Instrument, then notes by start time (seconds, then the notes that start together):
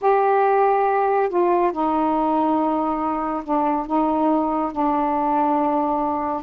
saxophone
0.01 G4
1.29 F4
1.71 D#4
3.43 D4
3.86 D#4
4.71 D4